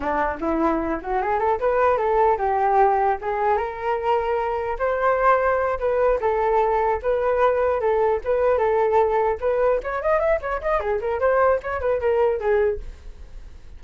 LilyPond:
\new Staff \with { instrumentName = "flute" } { \time 4/4 \tempo 4 = 150 d'4 e'4. fis'8 gis'8 a'8 | b'4 a'4 g'2 | gis'4 ais'2. | c''2~ c''8 b'4 a'8~ |
a'4. b'2 a'8~ | a'8 b'4 a'2 b'8~ | b'8 cis''8 dis''8 e''8 cis''8 dis''8 gis'8 ais'8 | c''4 cis''8 b'8 ais'4 gis'4 | }